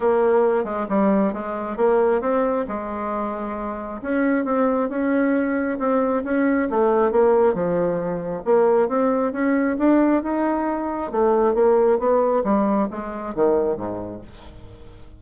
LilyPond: \new Staff \with { instrumentName = "bassoon" } { \time 4/4 \tempo 4 = 135 ais4. gis8 g4 gis4 | ais4 c'4 gis2~ | gis4 cis'4 c'4 cis'4~ | cis'4 c'4 cis'4 a4 |
ais4 f2 ais4 | c'4 cis'4 d'4 dis'4~ | dis'4 a4 ais4 b4 | g4 gis4 dis4 gis,4 | }